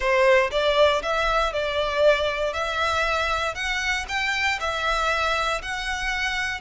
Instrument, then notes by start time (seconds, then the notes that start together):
violin
0.00 C5
0.51 D5
1.02 E5
1.52 D5
2.53 E5
3.54 F#5
4.08 G5
4.59 E5
5.62 F#5